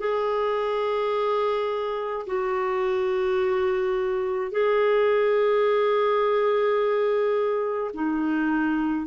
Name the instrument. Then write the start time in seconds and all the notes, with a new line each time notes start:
clarinet
0.00 G#4
2.27 F#4
4.51 G#4
7.94 D#4